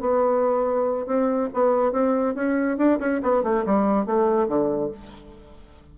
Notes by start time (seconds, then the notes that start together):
0.00 B3
1.06 C4
1.53 B3
1.92 C4
2.34 C#4
2.77 D4
2.99 C#4
3.22 B3
3.43 A3
3.65 G3
4.06 A3
4.48 D3